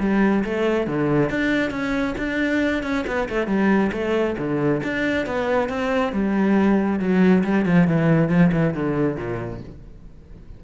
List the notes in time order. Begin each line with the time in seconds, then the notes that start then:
0.00 G3
0.45 A3
0.87 D3
1.30 D4
1.71 C#4
2.18 D4
2.83 C#4
3.07 B3
3.29 A3
3.47 G3
3.93 A3
4.38 D3
4.84 D4
5.27 B3
5.69 C4
6.13 G3
7.00 F#3
7.44 G3
7.66 F3
7.88 E3
8.30 F3
8.53 E3
8.74 D3
9.17 A#2